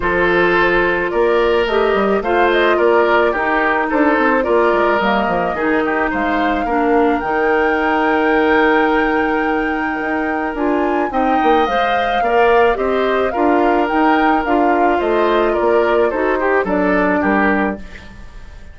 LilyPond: <<
  \new Staff \with { instrumentName = "flute" } { \time 4/4 \tempo 4 = 108 c''2 d''4 dis''4 | f''8 dis''8 d''4 ais'4 c''4 | d''4 dis''2 f''4~ | f''4 g''2.~ |
g''2. gis''4 | g''4 f''2 dis''4 | f''4 g''4 f''4 dis''4 | d''4 c''4 d''4 ais'4 | }
  \new Staff \with { instrumentName = "oboe" } { \time 4/4 a'2 ais'2 | c''4 ais'4 g'4 a'4 | ais'2 gis'8 g'8 c''4 | ais'1~ |
ais'1 | dis''2 d''4 c''4 | ais'2. c''4 | ais'4 a'8 g'8 a'4 g'4 | }
  \new Staff \with { instrumentName = "clarinet" } { \time 4/4 f'2. g'4 | f'2 dis'2 | f'4 ais4 dis'2 | d'4 dis'2.~ |
dis'2. f'4 | dis'4 c''4 ais'4 g'4 | f'4 dis'4 f'2~ | f'4 fis'8 g'8 d'2 | }
  \new Staff \with { instrumentName = "bassoon" } { \time 4/4 f2 ais4 a8 g8 | a4 ais4 dis'4 d'8 c'8 | ais8 gis8 g8 f8 dis4 gis4 | ais4 dis2.~ |
dis2 dis'4 d'4 | c'8 ais8 gis4 ais4 c'4 | d'4 dis'4 d'4 a4 | ais4 dis'4 fis4 g4 | }
>>